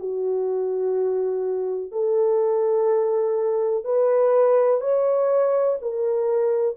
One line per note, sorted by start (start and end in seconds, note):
0.00 1.92 F#4
1.92 3.85 A4
3.85 4.81 B4
4.81 5.78 C#5
5.82 6.77 A#4